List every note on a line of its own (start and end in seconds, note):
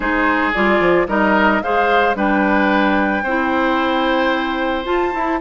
0.00 0.53 G#3
0.00 0.52 D#4
0.00 1.07 G#4
0.00 0.53 C5
0.53 0.80 G3
0.53 1.07 F4
0.53 1.07 D5
0.80 1.07 F3
1.07 1.61 G3
1.07 1.61 D#4
1.07 1.62 A#4
1.07 1.62 D#5
1.62 2.15 G#3
1.62 2.15 G#4
1.62 2.17 C5
1.62 2.16 F5
2.15 3.23 G3
2.15 3.23 D4
2.15 3.23 B4
2.15 4.85 G5
3.23 4.85 C4
3.23 4.84 E4
3.23 5.39 C5
4.84 5.11 F4
4.84 5.13 F4
4.84 5.39 A5
5.11 5.38 E4
5.11 5.40 E4